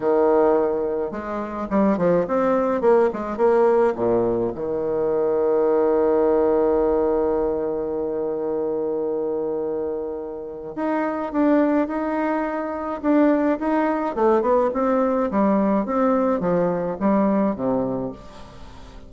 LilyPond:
\new Staff \with { instrumentName = "bassoon" } { \time 4/4 \tempo 4 = 106 dis2 gis4 g8 f8 | c'4 ais8 gis8 ais4 ais,4 | dis1~ | dis1~ |
dis2. dis'4 | d'4 dis'2 d'4 | dis'4 a8 b8 c'4 g4 | c'4 f4 g4 c4 | }